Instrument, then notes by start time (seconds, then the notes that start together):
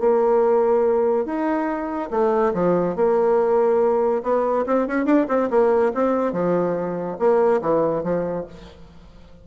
bassoon
0.00 A#3
1.26 D#4
2.11 A3
2.54 F3
2.96 A#3
4.23 B3
4.66 C4
4.88 C#4
5.06 D4
5.28 C4
5.50 A#3
5.94 C4
6.33 F3
7.19 A#3
7.61 E3
8.03 F3